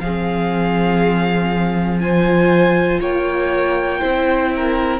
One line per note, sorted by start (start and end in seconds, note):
0.00 3.00 F3
0.00 2.01 C4
0.00 2.02 G#4
0.00 2.00 F5
2.00 4.00 F4
2.00 3.01 C5
2.00 3.00 G#5
3.01 4.01 A#3
3.01 4.01 C#5
3.01 5.00 G5
4.00 5.00 C4
4.00 5.00 E4
4.00 4.51 C5
4.56 5.00 A#4